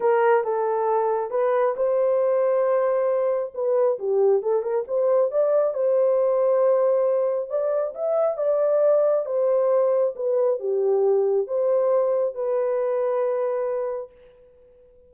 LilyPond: \new Staff \with { instrumentName = "horn" } { \time 4/4 \tempo 4 = 136 ais'4 a'2 b'4 | c''1 | b'4 g'4 a'8 ais'8 c''4 | d''4 c''2.~ |
c''4 d''4 e''4 d''4~ | d''4 c''2 b'4 | g'2 c''2 | b'1 | }